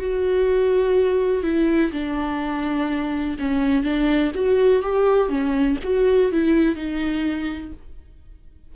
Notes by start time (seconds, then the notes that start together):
0.00 F#4
1.43 E4
1.92 D4
3.39 C#4
3.83 D4
4.35 F#4
4.83 G4
5.29 C#4
5.83 F#4
6.32 E4
6.76 D#4